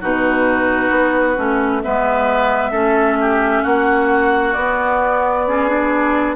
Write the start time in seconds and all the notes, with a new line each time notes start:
0.00 B2 D#4 F#4 B4
0.90 B3
1.36 A3 C#4
1.82 G#3 B3 B4 E5
2.71 A3 C#4 A4
3.20 G4
3.62 A#3 F#4 F#5
4.53 B3 D5
5.47 C#4 G#4
5.68 D4